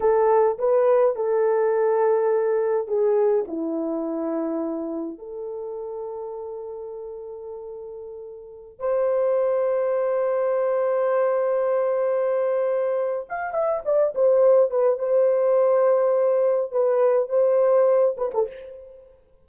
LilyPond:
\new Staff \with { instrumentName = "horn" } { \time 4/4 \tempo 4 = 104 a'4 b'4 a'2~ | a'4 gis'4 e'2~ | e'4 a'2.~ | a'2.~ a'16 c''8.~ |
c''1~ | c''2. f''8 e''8 | d''8 c''4 b'8 c''2~ | c''4 b'4 c''4. b'16 a'16 | }